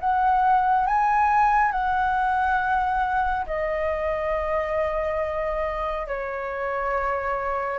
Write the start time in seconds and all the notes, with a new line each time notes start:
0.00 F#5
0.86 G#5
1.71 F#5
3.46 D#5
6.07 C#5